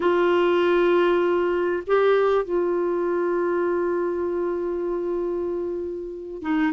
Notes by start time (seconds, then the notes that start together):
0.00 F4
1.86 G4
2.45 F4
6.42 D#4